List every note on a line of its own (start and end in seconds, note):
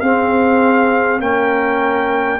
0.00 1.20 C4
0.00 1.21 C4
0.00 1.22 G#4
0.00 1.20 F5
1.20 2.39 A#3
1.20 2.39 C#4
1.20 2.39 A#4
1.20 2.39 G5